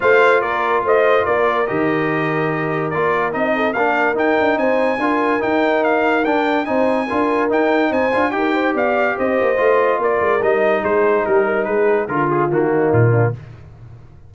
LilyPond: <<
  \new Staff \with { instrumentName = "trumpet" } { \time 4/4 \tempo 4 = 144 f''4 d''4 dis''4 d''4 | dis''2. d''4 | dis''4 f''4 g''4 gis''4~ | gis''4 g''4 f''4 g''4 |
gis''2 g''4 gis''4 | g''4 f''4 dis''2 | d''4 dis''4 c''4 ais'4 | b'4 ais'8 gis'8 fis'4 f'4 | }
  \new Staff \with { instrumentName = "horn" } { \time 4/4 c''4 ais'4 c''4 ais'4~ | ais'1~ | ais'8 a'8 ais'2 c''4 | ais'1 |
c''4 ais'2 c''4 | ais'8 c''8 d''4 c''2 | ais'2 gis'4 g'8 ais'8 | gis'4 f'4. dis'4 d'8 | }
  \new Staff \with { instrumentName = "trombone" } { \time 4/4 f'1 | g'2. f'4 | dis'4 d'4 dis'2 | f'4 dis'2 d'4 |
dis'4 f'4 dis'4. f'8 | g'2. f'4~ | f'4 dis'2.~ | dis'4 f'4 ais2 | }
  \new Staff \with { instrumentName = "tuba" } { \time 4/4 a4 ais4 a4 ais4 | dis2. ais4 | c'4 ais4 dis'8 d'8 c'4 | d'4 dis'2 d'4 |
c'4 d'4 dis'4 c'8 d'8 | dis'4 b4 c'8 ais8 a4 | ais8 gis8 g4 gis4 g4 | gis4 d4 dis4 ais,4 | }
>>